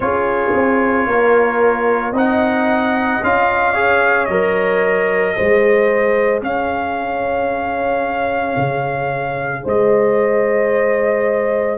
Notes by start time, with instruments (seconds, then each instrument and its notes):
0.00 tuba C#4, trombone F4, horn G#4, trumpet C#5
0.54 tuba C4
1.06 tuba A#3, horn A#4
2.12 tuba C4, trombone D#4, horn D#5, trumpet F#5
3.22 tuba C#4, trombone F4, trumpet F5
3.72 trombone G#4, horn C#5
4.25 tuba F#3, trombone A#4, trumpet D#5
5.35 tuba G#3, trombone G#4, horn C5
6.42 tuba C#4, horn C#5, trumpet F5
8.56 tuba C#3
9.63 tuba G#3, horn C5, trumpet D#5